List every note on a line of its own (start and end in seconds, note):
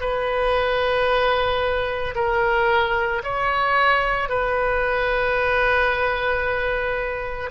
0.00 2.14 B4
2.15 3.22 A#4
3.23 4.29 C#5
4.29 7.50 B4